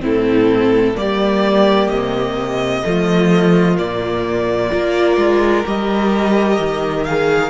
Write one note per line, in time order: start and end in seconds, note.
0.00 0.95 A2
0.00 0.94 C4
0.00 0.97 E4
0.00 0.97 A4
0.95 1.88 G3
0.95 2.82 A#3
0.95 2.85 G4
0.95 1.89 D5
1.88 2.82 C3
1.88 3.76 D#5
2.83 3.79 F3
2.83 3.77 A3
2.83 4.72 F4
3.77 4.72 A#2
3.77 4.71 A#3
3.77 5.66 D5
4.71 5.17 A#3
4.71 5.64 F4
4.71 7.50 A#4
5.17 5.64 G#3
5.66 6.59 G3
5.66 7.06 G4
5.66 7.04 D#5
6.59 7.50 D#3
7.04 7.50 G#4
7.04 7.50 F5